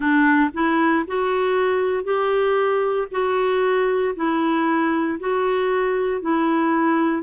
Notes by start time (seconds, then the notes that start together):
0.00 D4
0.53 E4
1.07 F#4
2.04 G4
3.11 F#4
4.15 E4
5.19 F#4
6.21 E4